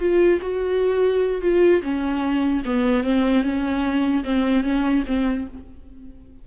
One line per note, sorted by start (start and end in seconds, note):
0.00 0.40 F4
0.42 1.42 F#4
1.42 1.82 F4
1.83 2.63 C#4
2.66 3.04 B3
3.04 3.44 C4
3.44 4.24 C#4
4.24 4.64 C4
4.64 5.04 C#4
5.07 5.48 C4